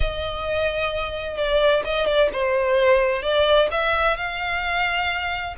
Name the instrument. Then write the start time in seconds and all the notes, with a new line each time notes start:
violin
0.00 D#5
1.37 D5
1.84 D#5
2.06 D5
2.32 C5
3.22 D5
3.71 E5
4.16 F5